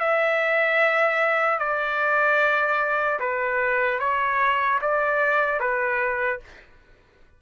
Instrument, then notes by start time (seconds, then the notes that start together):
trumpet
0.00 E5
1.59 D5
3.20 B4
4.00 C#5
4.82 D5
5.60 B4